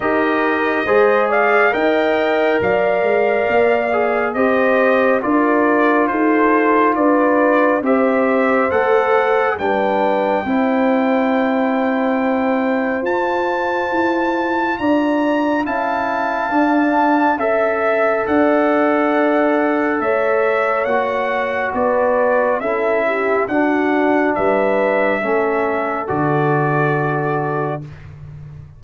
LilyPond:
<<
  \new Staff \with { instrumentName = "trumpet" } { \time 4/4 \tempo 4 = 69 dis''4. f''8 g''4 f''4~ | f''4 dis''4 d''4 c''4 | d''4 e''4 fis''4 g''4~ | g''2. a''4~ |
a''4 ais''4 a''2 | e''4 fis''2 e''4 | fis''4 d''4 e''4 fis''4 | e''2 d''2 | }
  \new Staff \with { instrumentName = "horn" } { \time 4/4 ais'4 c''8 d''8 dis''4 d''4~ | d''4 c''4 ais'4 a'4 | b'4 c''2 b'4 | c''1~ |
c''4 d''4 f''2 | e''4 d''2 cis''4~ | cis''4 b'4 a'8 g'8 fis'4 | b'4 a'2. | }
  \new Staff \with { instrumentName = "trombone" } { \time 4/4 g'4 gis'4 ais'2~ | ais'8 gis'8 g'4 f'2~ | f'4 g'4 a'4 d'4 | e'2. f'4~ |
f'2 e'4 d'4 | a'1 | fis'2 e'4 d'4~ | d'4 cis'4 fis'2 | }
  \new Staff \with { instrumentName = "tuba" } { \time 4/4 dis'4 gis4 dis'4 fis8 gis8 | ais4 c'4 d'4 dis'4 | d'4 c'4 a4 g4 | c'2. f'4 |
e'4 d'4 cis'4 d'4 | cis'4 d'2 a4 | ais4 b4 cis'4 d'4 | g4 a4 d2 | }
>>